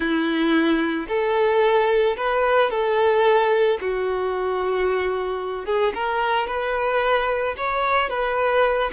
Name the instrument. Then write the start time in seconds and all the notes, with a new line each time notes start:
violin
0.00 E4
1.08 A4
2.16 B4
2.70 A4
3.81 F#4
5.65 G#4
5.94 A#4
6.47 B4
7.57 C#5
8.09 B4